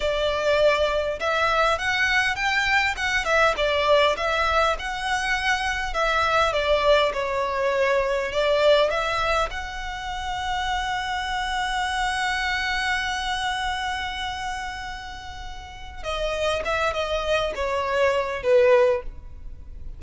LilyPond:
\new Staff \with { instrumentName = "violin" } { \time 4/4 \tempo 4 = 101 d''2 e''4 fis''4 | g''4 fis''8 e''8 d''4 e''4 | fis''2 e''4 d''4 | cis''2 d''4 e''4 |
fis''1~ | fis''1~ | fis''2. dis''4 | e''8 dis''4 cis''4. b'4 | }